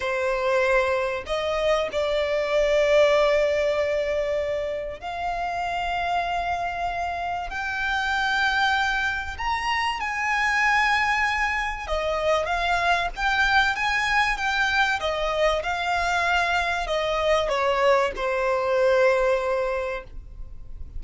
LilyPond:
\new Staff \with { instrumentName = "violin" } { \time 4/4 \tempo 4 = 96 c''2 dis''4 d''4~ | d''1 | f''1 | g''2. ais''4 |
gis''2. dis''4 | f''4 g''4 gis''4 g''4 | dis''4 f''2 dis''4 | cis''4 c''2. | }